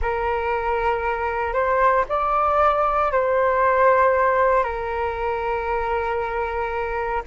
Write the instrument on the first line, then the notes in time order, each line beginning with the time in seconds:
flute
0.01 A#4
1.53 C5
2.08 D5
3.11 C5
4.63 A#4